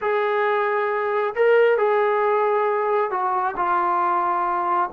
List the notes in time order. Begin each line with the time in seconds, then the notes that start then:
0.01 G#4
1.35 A#4
1.77 G#4
3.10 F#4
3.56 F4